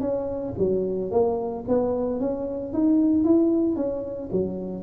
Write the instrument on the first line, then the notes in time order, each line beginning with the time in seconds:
tuba
0.00 C#4
0.58 F#3
1.11 A#3
1.68 B3
2.20 C#4
2.73 D#4
3.24 E4
3.76 C#4
4.31 F#3